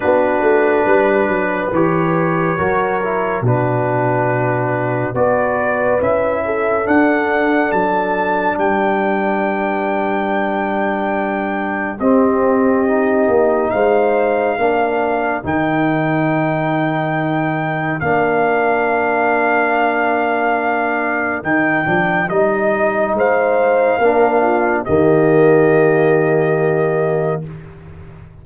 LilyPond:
<<
  \new Staff \with { instrumentName = "trumpet" } { \time 4/4 \tempo 4 = 70 b'2 cis''2 | b'2 d''4 e''4 | fis''4 a''4 g''2~ | g''2 dis''2 |
f''2 g''2~ | g''4 f''2.~ | f''4 g''4 dis''4 f''4~ | f''4 dis''2. | }
  \new Staff \with { instrumentName = "horn" } { \time 4/4 fis'4 b'2 ais'4 | fis'2 b'4. a'8~ | a'2 b'2~ | b'2 g'2 |
c''4 ais'2.~ | ais'1~ | ais'2. c''4 | ais'8 f'8 g'2. | }
  \new Staff \with { instrumentName = "trombone" } { \time 4/4 d'2 g'4 fis'8 e'8 | d'2 fis'4 e'4 | d'1~ | d'2 c'4 dis'4~ |
dis'4 d'4 dis'2~ | dis'4 d'2.~ | d'4 dis'8 d'8 dis'2 | d'4 ais2. | }
  \new Staff \with { instrumentName = "tuba" } { \time 4/4 b8 a8 g8 fis8 e4 fis4 | b,2 b4 cis'4 | d'4 fis4 g2~ | g2 c'4. ais8 |
gis4 ais4 dis2~ | dis4 ais2.~ | ais4 dis8 f8 g4 gis4 | ais4 dis2. | }
>>